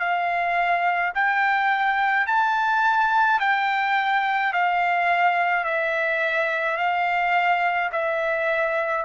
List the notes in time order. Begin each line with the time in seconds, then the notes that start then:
0.00 F5
1.15 G5
2.27 A5
3.40 G5
4.53 F5
5.64 E5
6.78 F5
7.92 E5